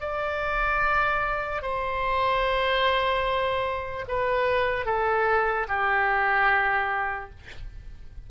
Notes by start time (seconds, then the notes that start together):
0.00 D5
1.62 C5
4.08 B4
4.85 A4
5.68 G4